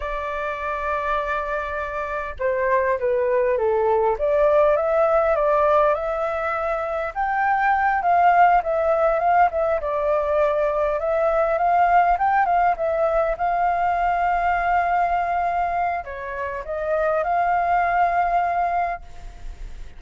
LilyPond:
\new Staff \with { instrumentName = "flute" } { \time 4/4 \tempo 4 = 101 d''1 | c''4 b'4 a'4 d''4 | e''4 d''4 e''2 | g''4. f''4 e''4 f''8 |
e''8 d''2 e''4 f''8~ | f''8 g''8 f''8 e''4 f''4.~ | f''2. cis''4 | dis''4 f''2. | }